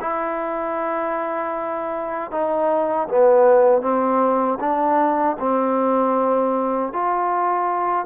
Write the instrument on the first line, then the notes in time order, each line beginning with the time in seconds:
trombone
0.00 E4
2.31 D#4
3.08 B3
3.81 C4
4.59 D4
5.39 C4
6.92 F4